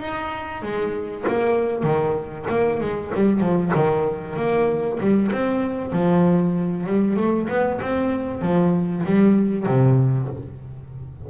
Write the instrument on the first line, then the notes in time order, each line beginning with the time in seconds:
double bass
0.00 D#4
0.62 G#3
1.28 A#3
1.84 D#3
2.49 A#3
2.81 G#3
3.15 G3
3.41 F3
3.75 D#3
4.37 A#3
5.00 G3
5.32 C4
5.93 F3
6.87 G3
7.16 A3
7.49 B3
7.82 C4
8.42 F3
9.06 G3
9.66 C3